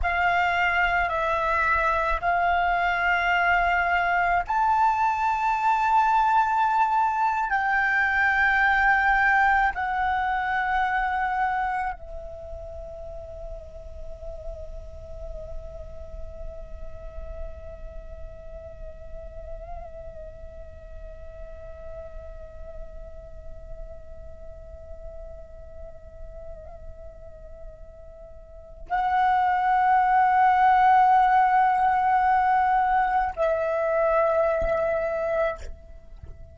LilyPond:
\new Staff \with { instrumentName = "flute" } { \time 4/4 \tempo 4 = 54 f''4 e''4 f''2 | a''2~ a''8. g''4~ g''16~ | g''8. fis''2 e''4~ e''16~ | e''1~ |
e''1~ | e''1~ | e''2 fis''2~ | fis''2 e''2 | }